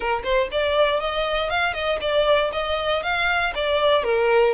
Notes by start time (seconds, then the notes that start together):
0.00 A#4
0.23 C5
0.51 D5
1.00 D#5
1.49 F5
1.73 D#5
2.00 D5
2.52 D#5
3.02 F5
3.55 D5
4.03 A#4